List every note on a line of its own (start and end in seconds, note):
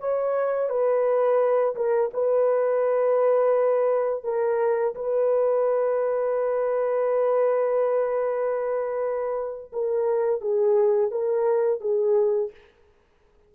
0.00 0.69 C#5
0.69 1.75 B4
1.76 2.11 A#4
2.13 4.24 B4
4.24 4.94 A#4
4.95 9.72 B4
9.73 10.41 A#4
10.41 11.11 G#4
11.11 11.80 A#4
11.80 12.51 G#4